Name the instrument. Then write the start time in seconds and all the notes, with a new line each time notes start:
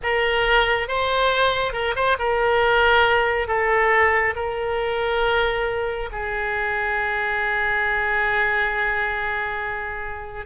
oboe
0.02 A#4
0.87 C5
1.72 A#4
1.95 C5
2.18 A#4
3.47 A4
4.35 A#4
6.11 G#4